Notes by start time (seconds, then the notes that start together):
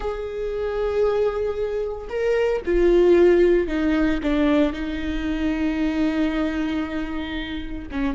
0.00 G#4
2.09 A#4
2.65 F4
3.67 D#4
4.22 D4
4.72 D#4
7.91 C#4